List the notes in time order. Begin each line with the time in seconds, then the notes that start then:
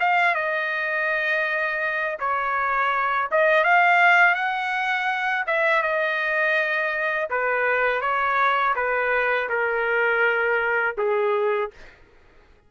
0.00 F5
0.35 D#5
2.20 C#5
3.31 D#5
3.64 F5
4.35 F#5
5.46 E5
5.82 D#5
7.30 B4
8.01 C#5
8.75 B4
9.49 A#4
10.98 G#4